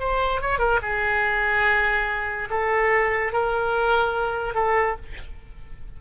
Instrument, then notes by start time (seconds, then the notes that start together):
oboe
0.00 C5
0.41 C#5
0.59 A#4
0.82 G#4
2.50 A4
3.33 A#4
4.55 A4